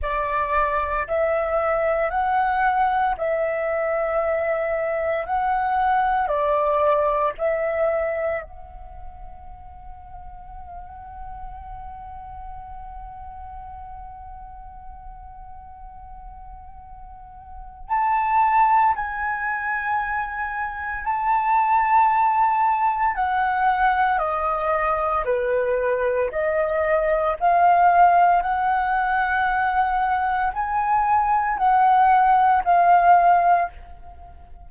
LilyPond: \new Staff \with { instrumentName = "flute" } { \time 4/4 \tempo 4 = 57 d''4 e''4 fis''4 e''4~ | e''4 fis''4 d''4 e''4 | fis''1~ | fis''1~ |
fis''4 a''4 gis''2 | a''2 fis''4 dis''4 | b'4 dis''4 f''4 fis''4~ | fis''4 gis''4 fis''4 f''4 | }